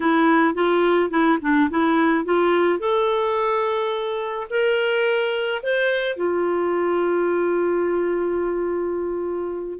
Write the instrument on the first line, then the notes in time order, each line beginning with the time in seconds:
clarinet
0.00 E4
0.54 F4
1.10 E4
1.41 D4
1.69 E4
2.24 F4
2.79 A4
4.50 A#4
5.62 C5
6.16 F4